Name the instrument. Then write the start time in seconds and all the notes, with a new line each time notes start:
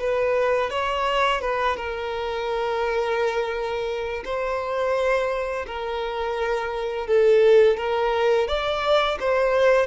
violin
0.00 B4
0.71 C#5
1.41 B4
1.77 A#4
4.25 C5
5.67 A#4
7.07 A4
7.77 A#4
8.48 D5
9.20 C5